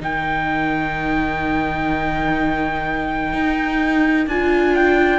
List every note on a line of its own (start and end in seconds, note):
0.00 3.33 D#3
0.00 4.29 D#4
0.00 5.19 A#4
0.00 4.29 G5
3.33 4.27 D#4
4.27 5.19 D4
4.27 5.19 F4
4.27 4.76 G#5
4.76 5.19 G5